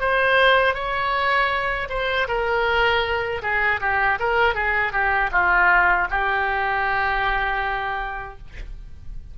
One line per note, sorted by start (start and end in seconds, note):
0.00 0.74 C5
0.74 1.88 C#5
1.90 2.28 C5
2.28 3.42 A#4
3.42 3.80 G#4
3.81 4.19 G4
4.19 4.55 A#4
4.55 4.92 G#4
4.92 5.30 G4
5.32 6.08 F4
6.10 8.38 G4